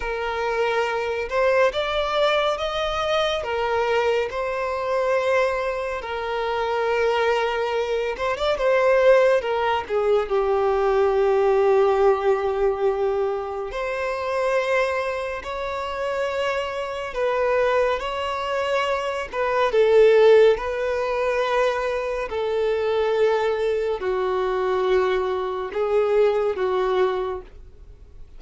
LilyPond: \new Staff \with { instrumentName = "violin" } { \time 4/4 \tempo 4 = 70 ais'4. c''8 d''4 dis''4 | ais'4 c''2 ais'4~ | ais'4. c''16 d''16 c''4 ais'8 gis'8 | g'1 |
c''2 cis''2 | b'4 cis''4. b'8 a'4 | b'2 a'2 | fis'2 gis'4 fis'4 | }